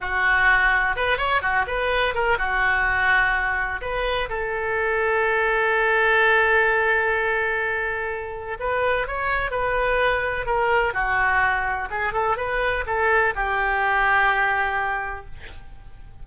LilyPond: \new Staff \with { instrumentName = "oboe" } { \time 4/4 \tempo 4 = 126 fis'2 b'8 cis''8 fis'8 b'8~ | b'8 ais'8 fis'2. | b'4 a'2.~ | a'1~ |
a'2 b'4 cis''4 | b'2 ais'4 fis'4~ | fis'4 gis'8 a'8 b'4 a'4 | g'1 | }